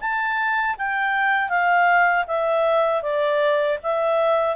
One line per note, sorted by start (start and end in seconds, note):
0.00 0.76 A5
0.78 1.49 G5
1.49 2.25 F5
2.27 3.02 E5
3.02 3.78 D5
3.83 4.56 E5